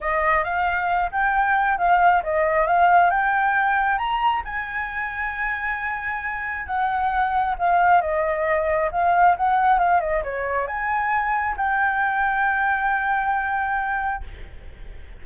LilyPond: \new Staff \with { instrumentName = "flute" } { \time 4/4 \tempo 4 = 135 dis''4 f''4. g''4. | f''4 dis''4 f''4 g''4~ | g''4 ais''4 gis''2~ | gis''2. fis''4~ |
fis''4 f''4 dis''2 | f''4 fis''4 f''8 dis''8 cis''4 | gis''2 g''2~ | g''1 | }